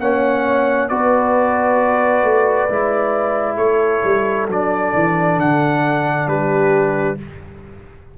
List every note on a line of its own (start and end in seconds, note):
0.00 0.90 A#3
0.00 0.90 C#4
0.00 0.91 C#5
0.00 0.89 F#5
0.89 2.24 B3
0.89 2.69 F#4
0.89 3.60 B4
0.89 3.57 D5
2.24 2.68 A3
2.70 3.57 G#3
2.70 4.49 E4
3.57 4.01 A3
3.57 6.28 A4
3.57 4.47 C#5
4.04 4.48 G3
4.48 4.93 F#3
4.48 7.18 D4
4.48 5.40 D5
4.94 5.38 E3
5.38 6.27 D3
5.38 6.28 F#5
6.27 7.17 G3
6.27 7.17 G4
6.27 7.18 B4